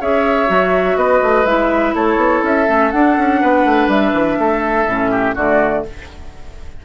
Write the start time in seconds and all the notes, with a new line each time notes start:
0.00 C#4 G#4 C#5 E5
0.47 F#3 F#4
0.95 B3 B4 D#5
1.22 A3
1.44 G#3 E4 E5
1.94 A3 A4 C#5
2.16 B3
2.43 C#4 E5
2.68 A3 C#4
2.91 D4 F#5
3.17 C#4
3.41 B3 B4
3.64 A3
3.87 G3 E5
4.13 E3
4.38 A3 A4
4.86 A2 C#4
5.11 G4
5.34 D3 A3 F#4 D5